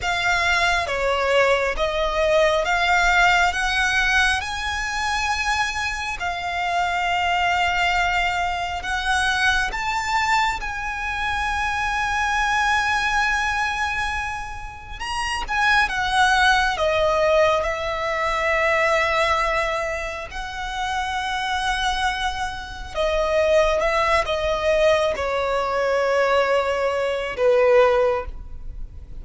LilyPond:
\new Staff \with { instrumentName = "violin" } { \time 4/4 \tempo 4 = 68 f''4 cis''4 dis''4 f''4 | fis''4 gis''2 f''4~ | f''2 fis''4 a''4 | gis''1~ |
gis''4 ais''8 gis''8 fis''4 dis''4 | e''2. fis''4~ | fis''2 dis''4 e''8 dis''8~ | dis''8 cis''2~ cis''8 b'4 | }